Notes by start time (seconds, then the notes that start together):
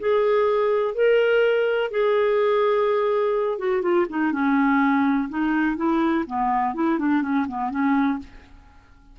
0.00 G#4
0.95 A#4
1.92 G#4
3.59 F#4
3.82 F4
4.10 D#4
4.32 C#4
5.30 D#4
5.77 E4
6.27 B3
6.75 E4
6.99 D4
7.23 C#4
7.48 B3
7.71 C#4